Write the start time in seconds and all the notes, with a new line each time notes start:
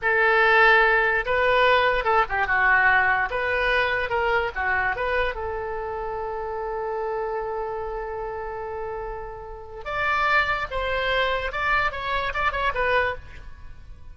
0.02 A4
1.25 B4
2.04 A4
2.29 G4
2.47 F#4
3.30 B4
4.09 A#4
4.55 F#4
4.95 B4
5.34 A4
9.84 D5
10.70 C5
11.52 D5
11.91 C#5
12.34 D5
12.52 C#5
12.74 B4